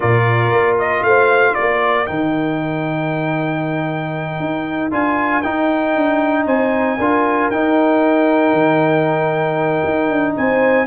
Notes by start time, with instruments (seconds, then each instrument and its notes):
0.00 tuba A#2, trombone F4, horn A#4, trumpet D5
0.51 tuba A#3
0.78 trumpet D#5
1.02 tuba A3, horn C5, trumpet F5
1.54 tuba A#3, horn A#4, trumpet D5
2.06 tuba D#3, trombone D#4, trumpet G5
4.39 tuba D#4
4.91 tuba D4, trombone F4, trumpet G#5
5.41 trombone D#4, tuba D#4, trumpet G5
5.96 tuba D4
6.45 tuba C4, horn C5, trumpet G#5
6.98 tuba D4, trombone F4, horn A#4
7.50 tuba D#4, trombone D#4, trumpet G5
8.52 tuba D#3
9.84 tuba D#4
10.10 tuba D4
10.36 tuba C4, horn C5, trumpet G#5